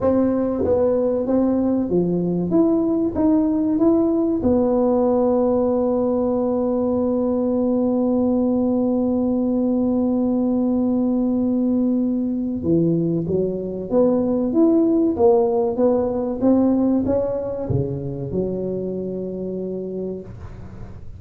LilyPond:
\new Staff \with { instrumentName = "tuba" } { \time 4/4 \tempo 4 = 95 c'4 b4 c'4 f4 | e'4 dis'4 e'4 b4~ | b1~ | b1~ |
b1 | e4 fis4 b4 e'4 | ais4 b4 c'4 cis'4 | cis4 fis2. | }